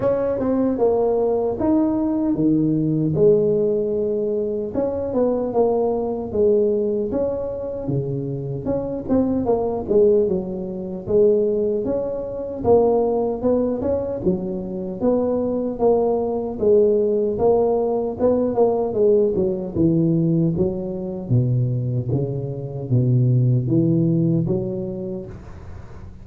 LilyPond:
\new Staff \with { instrumentName = "tuba" } { \time 4/4 \tempo 4 = 76 cis'8 c'8 ais4 dis'4 dis4 | gis2 cis'8 b8 ais4 | gis4 cis'4 cis4 cis'8 c'8 | ais8 gis8 fis4 gis4 cis'4 |
ais4 b8 cis'8 fis4 b4 | ais4 gis4 ais4 b8 ais8 | gis8 fis8 e4 fis4 b,4 | cis4 b,4 e4 fis4 | }